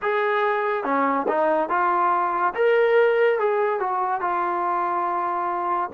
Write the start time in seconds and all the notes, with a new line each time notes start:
0.02 G#4
0.84 C#4
1.28 D#4
1.69 F4
2.55 A#4
3.39 G#4
3.79 F#4
4.21 F4